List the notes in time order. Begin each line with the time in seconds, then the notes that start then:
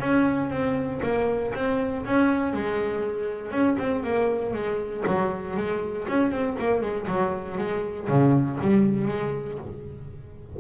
0.00 C#4
0.50 C4
1.03 A#3
1.55 C4
2.06 C#4
2.54 G#3
3.51 C#4
3.79 C4
4.03 A#3
4.54 G#3
5.06 F#3
5.57 G#3
6.08 C#4
6.31 C4
6.59 A#3
6.81 G#3
7.07 F#3
7.58 G#3
8.09 C#3
8.61 G3
9.08 G#3